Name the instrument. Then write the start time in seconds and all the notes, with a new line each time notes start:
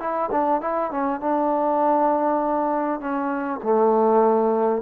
trombone
0.00 E4
0.32 D4
0.61 E4
0.91 C#4
1.21 D4
3.01 C#4
3.63 A3